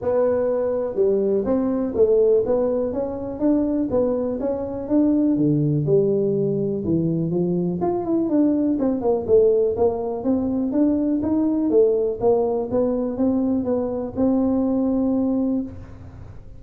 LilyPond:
\new Staff \with { instrumentName = "tuba" } { \time 4/4 \tempo 4 = 123 b2 g4 c'4 | a4 b4 cis'4 d'4 | b4 cis'4 d'4 d4 | g2 e4 f4 |
f'8 e'8 d'4 c'8 ais8 a4 | ais4 c'4 d'4 dis'4 | a4 ais4 b4 c'4 | b4 c'2. | }